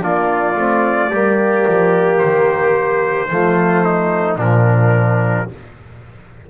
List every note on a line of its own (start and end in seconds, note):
0.00 0.56 A#3
0.00 0.55 D4
0.00 1.10 F4
0.00 2.18 D5
0.55 1.10 A3
0.55 1.10 C4
1.10 1.65 G3
1.10 3.29 A#3
1.10 3.28 G4
1.67 2.22 F3
2.18 3.30 D#3
2.18 4.36 C5
3.29 4.36 F3
3.29 4.38 A3
3.29 3.84 F4
3.84 4.37 D#4
4.36 5.45 A#2
4.36 5.49 F3
4.36 5.47 D4
4.36 5.49 A#4